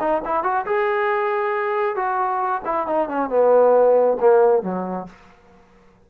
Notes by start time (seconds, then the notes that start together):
0.00 D#4
0.25 E4
0.44 F#4
0.66 G#4
1.96 F#4
2.65 E4
2.87 D#4
3.09 C#4
3.29 B3
4.20 A#3
4.63 F#3